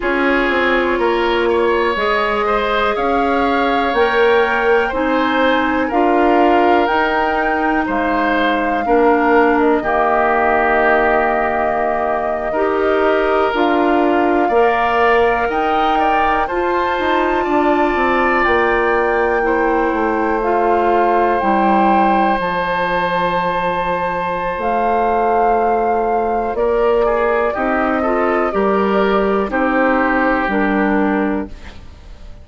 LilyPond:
<<
  \new Staff \with { instrumentName = "flute" } { \time 4/4 \tempo 4 = 61 cis''2 dis''4 f''4 | g''4 gis''4 f''4 g''4 | f''4.~ f''16 dis''2~ dis''16~ | dis''4.~ dis''16 f''2 g''16~ |
g''8. a''2 g''4~ g''16~ | g''8. f''4 g''4 a''4~ a''16~ | a''4 f''2 d''4 | dis''4 d''4 c''4 ais'4 | }
  \new Staff \with { instrumentName = "oboe" } { \time 4/4 gis'4 ais'8 cis''4 c''8 cis''4~ | cis''4 c''4 ais'2 | c''4 ais'4 g'2~ | g'8. ais'2 d''4 dis''16~ |
dis''16 d''8 c''4 d''2 c''16~ | c''1~ | c''2. ais'8 gis'8 | g'8 a'8 ais'4 g'2 | }
  \new Staff \with { instrumentName = "clarinet" } { \time 4/4 f'2 gis'2 | ais'4 dis'4 f'4 dis'4~ | dis'4 d'4 ais2~ | ais8. g'4 f'4 ais'4~ ais'16~ |
ais'8. f'2. e'16~ | e'8. f'4 e'4 f'4~ f'16~ | f'1 | dis'8 f'8 g'4 dis'4 d'4 | }
  \new Staff \with { instrumentName = "bassoon" } { \time 4/4 cis'8 c'8 ais4 gis4 cis'4 | ais4 c'4 d'4 dis'4 | gis4 ais4 dis2~ | dis8. dis'4 d'4 ais4 dis'16~ |
dis'8. f'8 dis'8 d'8 c'8 ais4~ ais16~ | ais16 a4. g4 f4~ f16~ | f4 a2 ais4 | c'4 g4 c'4 g4 | }
>>